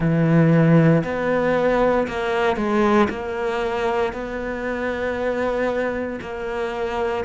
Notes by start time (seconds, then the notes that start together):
0.00 E3
1.03 B3
2.07 A#3
2.56 G#3
3.09 A#3
4.12 B3
6.21 A#3